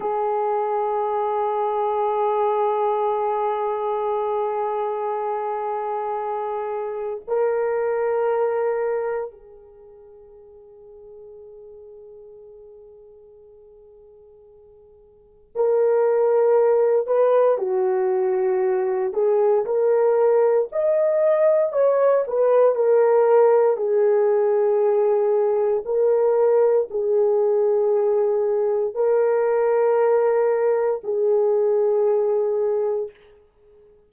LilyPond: \new Staff \with { instrumentName = "horn" } { \time 4/4 \tempo 4 = 58 gis'1~ | gis'2. ais'4~ | ais'4 gis'2.~ | gis'2. ais'4~ |
ais'8 b'8 fis'4. gis'8 ais'4 | dis''4 cis''8 b'8 ais'4 gis'4~ | gis'4 ais'4 gis'2 | ais'2 gis'2 | }